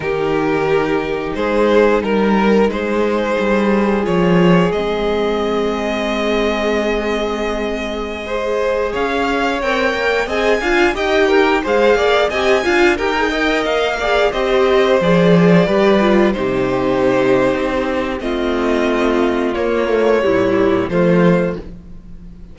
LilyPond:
<<
  \new Staff \with { instrumentName = "violin" } { \time 4/4 \tempo 4 = 89 ais'2 c''4 ais'4 | c''2 cis''4 dis''4~ | dis''1~ | dis''4~ dis''16 f''4 g''4 gis''8.~ |
gis''16 g''4 f''4 gis''4 g''8.~ | g''16 f''4 dis''4 d''4.~ d''16~ | d''16 c''2~ c''8. dis''4~ | dis''4 cis''2 c''4 | }
  \new Staff \with { instrumentName = "violin" } { \time 4/4 g'2 gis'4 ais'4 | gis'1~ | gis'1~ | gis'16 c''4 cis''2 dis''8 f''16~ |
f''16 dis''8 ais'8 c''8 d''8 dis''8 f''8 ais'8 dis''16~ | dis''8. d''8 c''2 b'8.~ | b'16 g'2~ g'8. f'4~ | f'2 e'4 f'4 | }
  \new Staff \with { instrumentName = "viola" } { \time 4/4 dis'1~ | dis'2 f'4 c'4~ | c'1~ | c'16 gis'2 ais'4 gis'8 f'16~ |
f'16 g'4 gis'4 g'8 f'8 g'16 gis'16 ais'16~ | ais'8. gis'8 g'4 gis'4 g'8 f'16~ | f'16 dis'2~ dis'8. c'4~ | c'4 ais8 a8 g4 a4 | }
  \new Staff \with { instrumentName = "cello" } { \time 4/4 dis2 gis4 g4 | gis4 g4 f4 gis4~ | gis1~ | gis4~ gis16 cis'4 c'8 ais8 c'8 d'16~ |
d'16 dis'4 gis8 ais8 c'8 d'8 dis'8.~ | dis'16 ais4 c'4 f4 g8.~ | g16 c4.~ c16 c'4 a4~ | a4 ais4 ais,4 f4 | }
>>